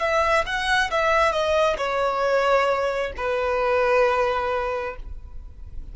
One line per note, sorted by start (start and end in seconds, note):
0.00 0.45 E5
0.46 0.91 F#5
0.91 1.32 E5
1.32 1.77 D#5
1.77 3.12 C#5
3.17 4.96 B4